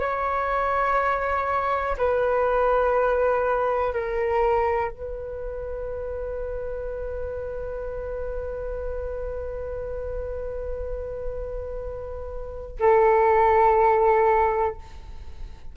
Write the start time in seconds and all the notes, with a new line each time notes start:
0.00 C#5
1.98 B4
3.94 A#4
4.92 B4
12.80 A4